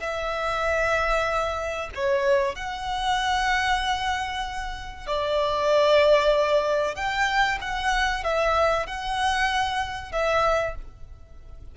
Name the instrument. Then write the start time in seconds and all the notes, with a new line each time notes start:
violin
0.00 E5
1.95 C#5
2.55 F#5
5.07 D5
6.95 G5
7.61 F#5
8.24 E5
8.87 F#5
10.12 E5